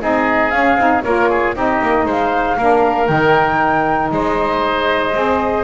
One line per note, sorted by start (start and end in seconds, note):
0.00 0.53 C4
0.00 0.51 D#4
0.00 1.04 G#4
0.00 0.51 D#5
0.51 0.78 C#4
0.51 0.76 C#4
0.51 1.02 F5
0.76 1.02 C4
0.76 1.04 D#4
1.03 1.55 A#3
1.03 1.54 F4
1.03 1.29 A#4
1.03 1.54 C#5
1.29 1.55 G#4
1.54 1.81 C4
1.54 2.57 D#4
1.54 2.06 G4
1.54 2.07 D#5
1.82 2.06 A#3
2.06 2.57 G#3
2.06 2.57 C5
2.06 3.07 F5
2.57 3.09 A#3
2.57 3.07 D4
2.57 4.11 A#4
3.07 4.11 D#3
3.07 5.12 D#4
3.07 4.10 G5
4.11 5.14 G#3
4.11 5.64 C5
4.11 5.64 D#5
5.13 5.64 C4
5.13 5.64 G#4